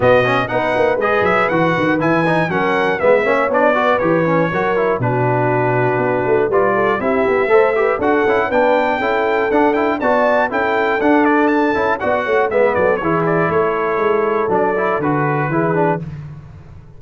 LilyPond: <<
  \new Staff \with { instrumentName = "trumpet" } { \time 4/4 \tempo 4 = 120 dis''4 fis''4 dis''8 e''8 fis''4 | gis''4 fis''4 e''4 d''4 | cis''2 b'2~ | b'4 d''4 e''2 |
fis''4 g''2 fis''8 g''8 | a''4 g''4 fis''8 d''8 a''4 | fis''4 e''8 d''8 cis''8 d''8 cis''4~ | cis''4 d''4 b'2 | }
  \new Staff \with { instrumentName = "horn" } { \time 4/4 fis'4 b'2.~ | b'4 ais'4 b'8 cis''4 b'8~ | b'4 ais'4 fis'2~ | fis'4 b'8 a'8 g'4 c''8 b'8 |
a'4 b'4 a'2 | d''4 a'2. | d''8 cis''8 b'8 a'8 gis'4 a'4~ | a'2. gis'4 | }
  \new Staff \with { instrumentName = "trombone" } { \time 4/4 b8 cis'8 dis'4 gis'4 fis'4 | e'8 dis'8 cis'4 b8 cis'8 d'8 fis'8 | g'8 cis'8 fis'8 e'8 d'2~ | d'4 f'4 e'4 a'8 g'8 |
fis'8 e'8 d'4 e'4 d'8 e'8 | fis'4 e'4 d'4. e'8 | fis'4 b4 e'2~ | e'4 d'8 e'8 fis'4 e'8 d'8 | }
  \new Staff \with { instrumentName = "tuba" } { \time 4/4 b,4 b8 ais8 gis8 fis8 e8 dis8 | e4 fis4 gis8 ais8 b4 | e4 fis4 b,2 | b8 a8 g4 c'8 b8 a4 |
d'8 cis'8 b4 cis'4 d'4 | b4 cis'4 d'4. cis'8 | b8 a8 gis8 fis8 e4 a4 | gis4 fis4 d4 e4 | }
>>